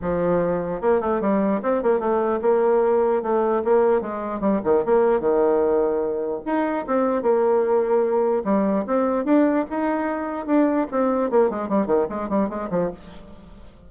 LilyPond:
\new Staff \with { instrumentName = "bassoon" } { \time 4/4 \tempo 4 = 149 f2 ais8 a8 g4 | c'8 ais8 a4 ais2 | a4 ais4 gis4 g8 dis8 | ais4 dis2. |
dis'4 c'4 ais2~ | ais4 g4 c'4 d'4 | dis'2 d'4 c'4 | ais8 gis8 g8 dis8 gis8 g8 gis8 f8 | }